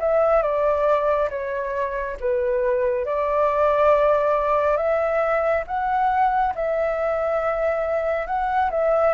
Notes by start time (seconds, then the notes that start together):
0.00 E5
0.42 D5
1.30 C#5
2.20 B4
3.05 D5
4.77 E5
5.67 F#5
6.55 E5
8.26 F#5
8.70 E5